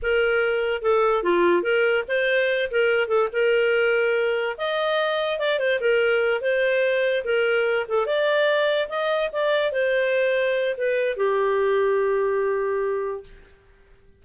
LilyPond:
\new Staff \with { instrumentName = "clarinet" } { \time 4/4 \tempo 4 = 145 ais'2 a'4 f'4 | ais'4 c''4. ais'4 a'8 | ais'2. dis''4~ | dis''4 d''8 c''8 ais'4. c''8~ |
c''4. ais'4. a'8 d''8~ | d''4. dis''4 d''4 c''8~ | c''2 b'4 g'4~ | g'1 | }